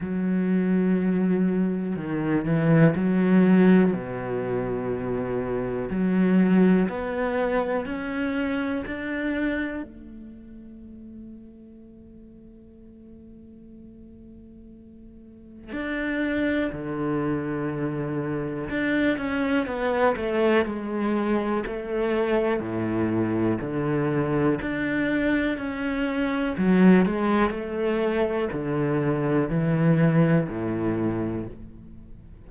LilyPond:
\new Staff \with { instrumentName = "cello" } { \time 4/4 \tempo 4 = 61 fis2 dis8 e8 fis4 | b,2 fis4 b4 | cis'4 d'4 a2~ | a1 |
d'4 d2 d'8 cis'8 | b8 a8 gis4 a4 a,4 | d4 d'4 cis'4 fis8 gis8 | a4 d4 e4 a,4 | }